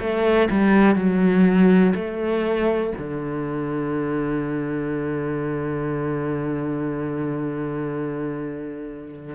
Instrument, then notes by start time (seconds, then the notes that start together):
cello
0.00 A3
0.51 G3
0.95 F#3
1.95 A3
2.98 D3